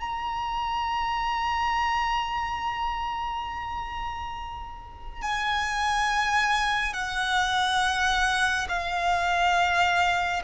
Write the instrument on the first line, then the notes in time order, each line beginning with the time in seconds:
violin
0.00 A#5
5.22 G#5
6.93 F#5
8.68 F5